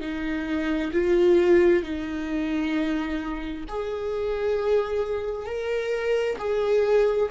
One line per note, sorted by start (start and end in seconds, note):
0.00 0.91 D#4
0.92 1.83 F4
1.83 3.64 D#4
3.68 5.45 G#4
5.45 6.36 A#4
6.38 7.29 G#4